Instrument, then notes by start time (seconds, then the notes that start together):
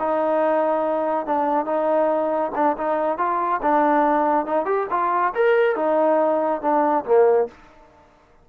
trombone
0.00 D#4
1.27 D4
1.66 D#4
2.56 D4
2.78 D#4
3.18 F4
3.63 D4
4.46 D#4
4.66 G4
4.91 F4
5.35 A#4
5.76 D#4
6.62 D4
7.05 A#3